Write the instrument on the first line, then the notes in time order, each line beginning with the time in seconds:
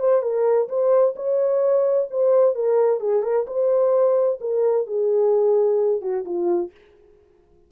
horn
0.00 C5
0.22 A#4
0.69 C5
1.16 C#5
2.11 C5
2.55 A#4
3.00 G#4
3.23 A#4
3.47 C5
4.41 A#4
4.87 G#4
6.02 F#4
6.25 F4